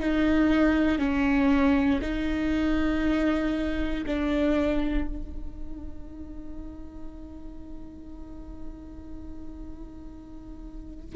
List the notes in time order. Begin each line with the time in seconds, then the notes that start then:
0.00 D#4
0.99 C#4
2.02 D#4
4.06 D4
5.08 D#4